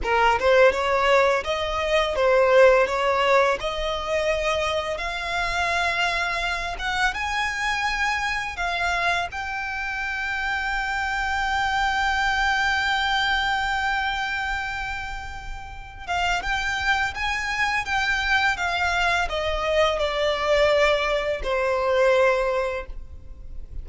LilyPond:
\new Staff \with { instrumentName = "violin" } { \time 4/4 \tempo 4 = 84 ais'8 c''8 cis''4 dis''4 c''4 | cis''4 dis''2 f''4~ | f''4. fis''8 gis''2 | f''4 g''2.~ |
g''1~ | g''2~ g''8 f''8 g''4 | gis''4 g''4 f''4 dis''4 | d''2 c''2 | }